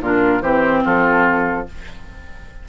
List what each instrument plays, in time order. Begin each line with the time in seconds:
0.00 bassoon A#2, clarinet D4, oboe F4, flute A#4
0.41 bassoon E3, clarinet C4, oboe G4, flute C5
0.84 bassoon F3, oboe F4, flute A4